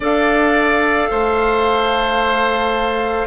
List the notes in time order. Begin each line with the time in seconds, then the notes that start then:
0.00 D4 A4 D5 F5
1.10 A3 C5